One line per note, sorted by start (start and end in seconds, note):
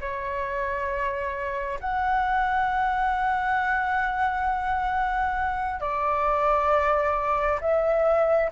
0.00 1.79 C#5
1.80 5.80 F#5
5.80 7.60 D5
7.61 8.50 E5